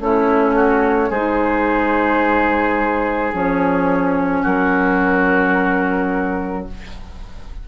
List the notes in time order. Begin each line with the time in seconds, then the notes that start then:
0.00 A3 C#4 E4 C#5
0.55 F#4
1.09 G#3 G#4 C5
1.15 D#4
3.33 F3 C#4 C#5
4.42 F#3 F#4 A#4